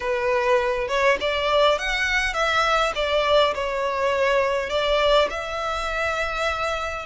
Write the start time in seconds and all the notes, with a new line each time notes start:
0.00 B4
0.88 C#5
1.20 D5
1.78 F#5
2.33 E5
2.95 D5
3.54 C#5
4.69 D5
5.30 E5